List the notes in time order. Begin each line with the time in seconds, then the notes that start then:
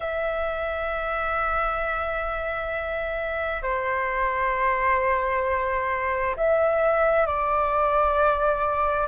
0.00 E5
3.62 C5
6.36 E5
7.26 D5